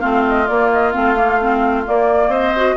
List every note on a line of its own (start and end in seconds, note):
0.00 0.49 A3
0.00 0.47 C4
0.00 2.30 F4
0.00 0.23 F5
0.29 0.48 D#5
0.48 0.93 A#3
0.48 0.95 A#3
0.48 0.71 D5
0.73 0.92 D#5
0.92 1.88 A3
0.92 1.16 C4
0.92 1.83 F5
1.16 1.39 A#3
1.42 1.85 C4
1.85 2.54 A#3
1.85 2.28 A#3
1.85 2.33 D5
2.28 2.74 C4
2.28 2.76 C5
2.28 2.77 D#5
2.56 2.77 F#4